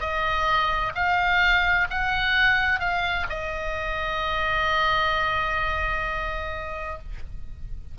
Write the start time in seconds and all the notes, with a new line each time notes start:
0.00 D#5
0.95 F5
1.90 F#5
2.79 F5
3.29 D#5